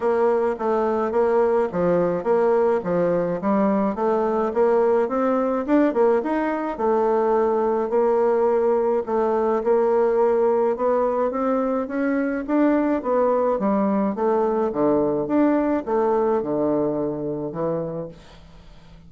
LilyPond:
\new Staff \with { instrumentName = "bassoon" } { \time 4/4 \tempo 4 = 106 ais4 a4 ais4 f4 | ais4 f4 g4 a4 | ais4 c'4 d'8 ais8 dis'4 | a2 ais2 |
a4 ais2 b4 | c'4 cis'4 d'4 b4 | g4 a4 d4 d'4 | a4 d2 e4 | }